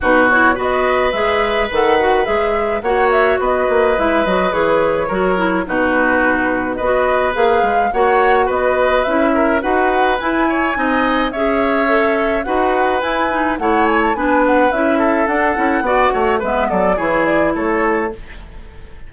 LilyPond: <<
  \new Staff \with { instrumentName = "flute" } { \time 4/4 \tempo 4 = 106 b'8 cis''8 dis''4 e''4 fis''4 | e''4 fis''8 e''8 dis''4 e''8 dis''8 | cis''2 b'2 | dis''4 f''4 fis''4 dis''4 |
e''4 fis''4 gis''2 | e''2 fis''4 gis''4 | fis''8 gis''16 a''16 gis''8 fis''8 e''4 fis''4~ | fis''4 e''8 d''8 cis''8 d''8 cis''4 | }
  \new Staff \with { instrumentName = "oboe" } { \time 4/4 fis'4 b'2.~ | b'4 cis''4 b'2~ | b'4 ais'4 fis'2 | b'2 cis''4 b'4~ |
b'8 ais'8 b'4. cis''8 dis''4 | cis''2 b'2 | cis''4 b'4. a'4. | d''8 cis''8 b'8 a'8 gis'4 a'4 | }
  \new Staff \with { instrumentName = "clarinet" } { \time 4/4 dis'8 e'8 fis'4 gis'4 a'8 fis'8 | gis'4 fis'2 e'8 fis'8 | gis'4 fis'8 e'8 dis'2 | fis'4 gis'4 fis'2 |
e'4 fis'4 e'4 dis'4 | gis'4 a'4 fis'4 e'8 dis'8 | e'4 d'4 e'4 d'8 e'8 | fis'4 b4 e'2 | }
  \new Staff \with { instrumentName = "bassoon" } { \time 4/4 b,4 b4 gis4 dis4 | gis4 ais4 b8 ais8 gis8 fis8 | e4 fis4 b,2 | b4 ais8 gis8 ais4 b4 |
cis'4 dis'4 e'4 c'4 | cis'2 dis'4 e'4 | a4 b4 cis'4 d'8 cis'8 | b8 a8 gis8 fis8 e4 a4 | }
>>